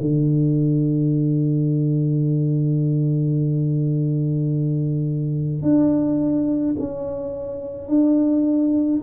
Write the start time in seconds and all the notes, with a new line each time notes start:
0.00 D3
5.62 D4
6.79 C#4
7.88 D4